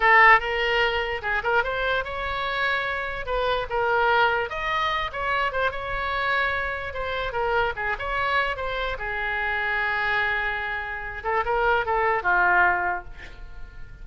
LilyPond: \new Staff \with { instrumentName = "oboe" } { \time 4/4 \tempo 4 = 147 a'4 ais'2 gis'8 ais'8 | c''4 cis''2. | b'4 ais'2 dis''4~ | dis''8 cis''4 c''8 cis''2~ |
cis''4 c''4 ais'4 gis'8 cis''8~ | cis''4 c''4 gis'2~ | gis'2.~ gis'8 a'8 | ais'4 a'4 f'2 | }